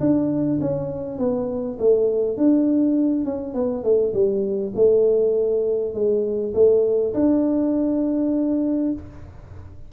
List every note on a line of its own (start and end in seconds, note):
0.00 0.59 D4
0.61 1.18 C#4
1.18 1.78 B3
1.79 2.37 A3
2.37 3.25 D4
3.25 3.54 C#4
3.54 3.83 B3
3.83 4.13 A3
4.13 4.73 G3
4.75 5.94 A3
5.94 6.53 G#3
6.54 7.13 A3
7.14 8.92 D4